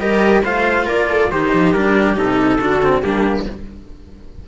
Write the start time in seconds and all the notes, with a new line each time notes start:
0.00 G3 G4 A#4 D#5
0.43 A3 F4 C5 F5
0.86 A#3 A#4 D5
1.10 A4
1.31 D#3 D#4 G4 C5
1.54 F3
1.73 G3 D4 A#4
2.16 C3 D#4 A4
2.60 D3 D4 F#4
2.82 C4
3.02 G3 A#3 D4 G4